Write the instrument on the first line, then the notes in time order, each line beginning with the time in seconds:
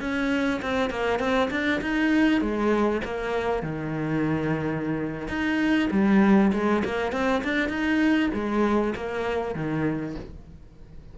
cello
0.00 C#4
0.62 C4
0.90 A#3
1.19 C4
1.51 D4
1.82 D#4
2.41 G#3
3.05 A#3
3.63 D#3
5.28 D#4
5.91 G3
6.53 G#3
6.85 A#3
7.12 C4
7.44 D4
7.69 D#4
8.34 G#3
8.96 A#3
9.55 D#3